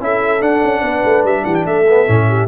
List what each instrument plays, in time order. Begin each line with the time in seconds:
0.00 tuba C#4, trombone E4, horn A4, trumpet E5
0.40 trombone D4, tuba D4, trumpet F#5
0.63 tuba C#4
0.81 tuba B3, horn B4
1.05 tuba A3
1.24 tuba G3, trumpet E5
1.45 tuba E3, horn G4, trumpet F#5
1.55 trumpet G5
1.65 tuba A3, horn A4, trumpet E5
1.89 trombone B3
2.07 tuba A2, trombone C#4
2.28 horn G4